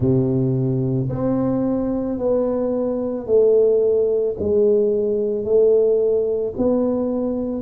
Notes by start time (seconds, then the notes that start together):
0.00 C3
1.09 C4
2.18 B3
3.26 A3
4.39 G#3
5.44 A3
6.57 B3